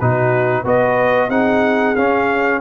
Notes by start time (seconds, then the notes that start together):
0.00 B2 D#4 F#4 B4
0.63 B3 F#4 B4 D#5
1.29 C4 D#4 G#4 F#5
1.96 C#4 F5